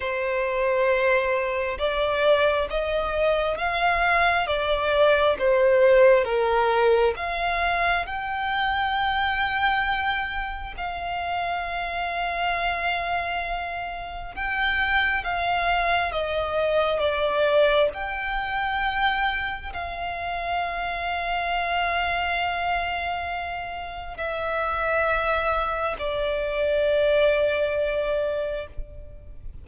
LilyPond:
\new Staff \with { instrumentName = "violin" } { \time 4/4 \tempo 4 = 67 c''2 d''4 dis''4 | f''4 d''4 c''4 ais'4 | f''4 g''2. | f''1 |
g''4 f''4 dis''4 d''4 | g''2 f''2~ | f''2. e''4~ | e''4 d''2. | }